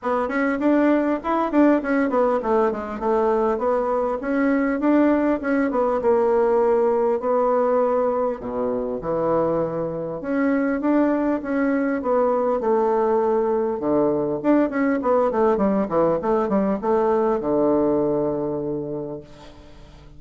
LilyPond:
\new Staff \with { instrumentName = "bassoon" } { \time 4/4 \tempo 4 = 100 b8 cis'8 d'4 e'8 d'8 cis'8 b8 | a8 gis8 a4 b4 cis'4 | d'4 cis'8 b8 ais2 | b2 b,4 e4~ |
e4 cis'4 d'4 cis'4 | b4 a2 d4 | d'8 cis'8 b8 a8 g8 e8 a8 g8 | a4 d2. | }